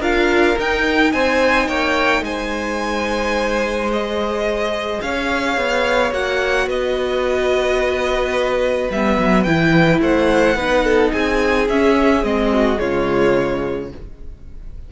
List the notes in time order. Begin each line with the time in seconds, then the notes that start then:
0.00 D4 F4 A#4 F5
0.58 D#4 G5
1.13 C4 C5 G#5
1.68 A#3 C#5 G5
2.22 G#3 C5 G#5
3.91 G#4 D#5
5.02 C#4 C#5 F5
5.57 B3
6.12 A#3 F#4 F#5
6.67 B3 B4 D#5
8.91 G3 B3 E5
9.19 F#3
9.44 E3 E4 G5
10.01 A3 C5 F#5
10.56 B3 D#4 B4
10.84 A4
11.13 C4 G#4 G#5
11.69 C#4 E5
12.23 G#3 C4 D#5
12.53 F#4
12.76 C#3 G#3 F4 C#5